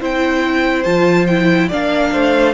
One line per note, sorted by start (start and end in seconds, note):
0.00 0.85 C4
0.00 0.85 E4
0.00 1.68 C5
0.00 0.83 G5
0.83 1.70 F3
0.83 1.28 F4
0.83 1.26 A5
1.27 1.71 E4
1.27 1.69 G5
1.68 2.14 A#3
1.68 2.54 D4
1.68 2.10 D5
1.68 2.54 F5
2.12 2.54 A3
2.12 2.54 C5